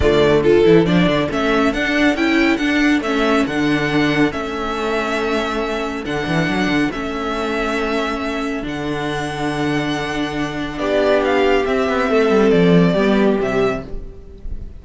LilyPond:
<<
  \new Staff \with { instrumentName = "violin" } { \time 4/4 \tempo 4 = 139 d''4 a'4 d''4 e''4 | fis''4 g''4 fis''4 e''4 | fis''2 e''2~ | e''2 fis''2 |
e''1 | fis''1~ | fis''4 d''4 f''4 e''4~ | e''4 d''2 e''4 | }
  \new Staff \with { instrumentName = "violin" } { \time 4/4 f'4 a'2.~ | a'1~ | a'1~ | a'1~ |
a'1~ | a'1~ | a'4 g'2. | a'2 g'2 | }
  \new Staff \with { instrumentName = "viola" } { \time 4/4 a4 f'8 e'8 d'4 cis'4 | d'4 e'4 d'4 cis'4 | d'2 cis'2~ | cis'2 d'2 |
cis'1 | d'1~ | d'2. c'4~ | c'2 b4 g4 | }
  \new Staff \with { instrumentName = "cello" } { \time 4/4 d4. e8 f8 d8 a4 | d'4 cis'4 d'4 a4 | d2 a2~ | a2 d8 e8 fis8 d8 |
a1 | d1~ | d4 b2 c'8 b8 | a8 g8 f4 g4 c4 | }
>>